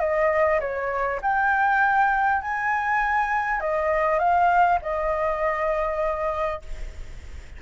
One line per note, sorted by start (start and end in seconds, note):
0.00 0.60 D#5
0.60 1.20 C#5
1.22 2.42 G5
2.42 3.60 G#5
3.60 4.19 D#5
4.19 4.79 F5
4.82 6.62 D#5